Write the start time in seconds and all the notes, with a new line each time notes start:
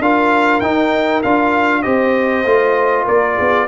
0.00 D4 F4 A#4 F5
0.61 D#4 G5
1.23 D4 F4 F5
1.83 C4 G4 C5 D#5
2.45 A3 F4
3.04 A#3 A#4 D5
3.35 B3 G#4